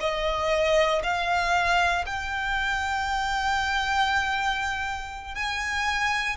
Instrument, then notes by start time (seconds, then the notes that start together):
violin
0.00 D#5
1.03 F5
2.06 G5
5.34 G#5